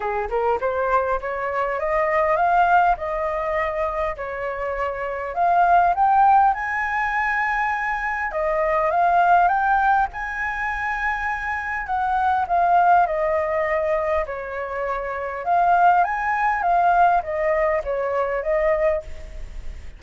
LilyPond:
\new Staff \with { instrumentName = "flute" } { \time 4/4 \tempo 4 = 101 gis'8 ais'8 c''4 cis''4 dis''4 | f''4 dis''2 cis''4~ | cis''4 f''4 g''4 gis''4~ | gis''2 dis''4 f''4 |
g''4 gis''2. | fis''4 f''4 dis''2 | cis''2 f''4 gis''4 | f''4 dis''4 cis''4 dis''4 | }